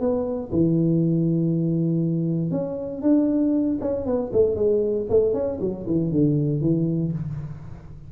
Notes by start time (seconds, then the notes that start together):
0.00 B3
0.52 E3
2.51 C#4
3.02 D4
3.81 C#4
4.06 B3
4.33 A3
4.56 G#3
5.09 A3
5.34 C#4
5.60 F#3
5.86 E3
6.11 D3
6.61 E3